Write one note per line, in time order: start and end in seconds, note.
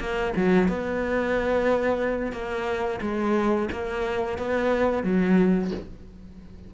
0.00 0.34 A#3
0.36 0.69 F#3
0.69 2.33 B3
2.33 3.00 A#3
3.02 3.69 G#3
3.72 4.39 A#3
4.39 5.04 B3
5.04 5.71 F#3